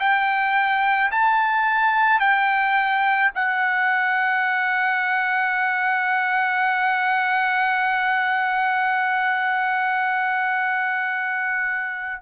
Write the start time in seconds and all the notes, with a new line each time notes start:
0.00 G5
1.12 A5
2.20 G5
3.35 F#5